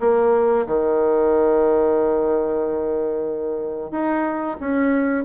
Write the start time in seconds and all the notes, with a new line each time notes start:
0.00 A#3
0.67 D#3
3.91 D#4
4.60 C#4